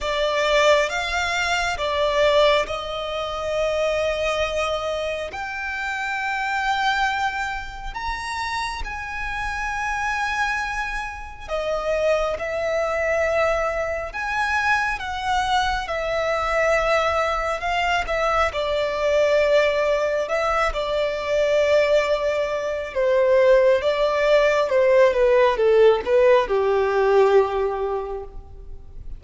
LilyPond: \new Staff \with { instrumentName = "violin" } { \time 4/4 \tempo 4 = 68 d''4 f''4 d''4 dis''4~ | dis''2 g''2~ | g''4 ais''4 gis''2~ | gis''4 dis''4 e''2 |
gis''4 fis''4 e''2 | f''8 e''8 d''2 e''8 d''8~ | d''2 c''4 d''4 | c''8 b'8 a'8 b'8 g'2 | }